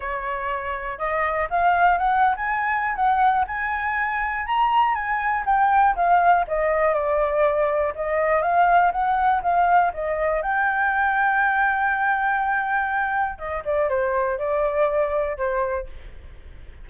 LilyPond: \new Staff \with { instrumentName = "flute" } { \time 4/4 \tempo 4 = 121 cis''2 dis''4 f''4 | fis''8. gis''4~ gis''16 fis''4 gis''4~ | gis''4 ais''4 gis''4 g''4 | f''4 dis''4 d''2 |
dis''4 f''4 fis''4 f''4 | dis''4 g''2.~ | g''2. dis''8 d''8 | c''4 d''2 c''4 | }